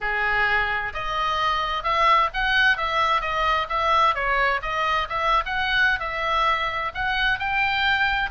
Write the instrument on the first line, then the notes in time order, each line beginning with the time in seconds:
oboe
0.00 G#4
0.93 D#5
1.83 E5
2.33 F#5
2.77 E5
3.21 D#5
3.69 E5
4.14 C#5
4.62 D#5
5.09 E5
5.45 F#5
5.99 E5
6.94 F#5
7.39 G5